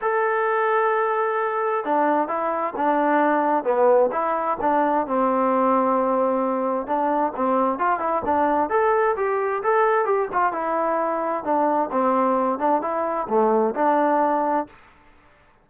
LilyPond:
\new Staff \with { instrumentName = "trombone" } { \time 4/4 \tempo 4 = 131 a'1 | d'4 e'4 d'2 | b4 e'4 d'4 c'4~ | c'2. d'4 |
c'4 f'8 e'8 d'4 a'4 | g'4 a'4 g'8 f'8 e'4~ | e'4 d'4 c'4. d'8 | e'4 a4 d'2 | }